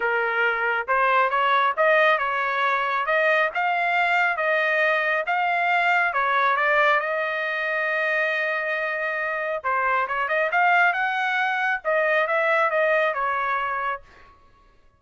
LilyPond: \new Staff \with { instrumentName = "trumpet" } { \time 4/4 \tempo 4 = 137 ais'2 c''4 cis''4 | dis''4 cis''2 dis''4 | f''2 dis''2 | f''2 cis''4 d''4 |
dis''1~ | dis''2 c''4 cis''8 dis''8 | f''4 fis''2 dis''4 | e''4 dis''4 cis''2 | }